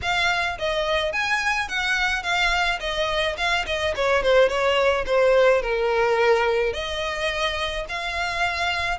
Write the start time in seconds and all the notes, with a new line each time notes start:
0.02 F5
0.58 D#5
1.12 G#5
1.68 F#5
2.23 F5
2.80 D#5
3.37 F5
3.66 D#5
3.95 C#5
4.22 C5
4.48 C#5
5.05 C5
5.62 A#4
6.73 D#5
7.88 F5